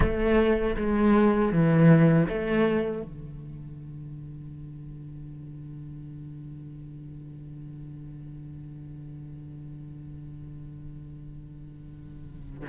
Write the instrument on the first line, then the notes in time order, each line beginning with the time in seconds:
cello
0.00 A3
0.77 G#3
1.52 E3
2.28 A3
3.02 D3